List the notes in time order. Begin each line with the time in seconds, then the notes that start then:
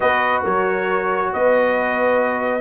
0.00 B3 F#4 B4 D#5
0.43 F#3 A#4 C#5
1.32 B3 B4 D#5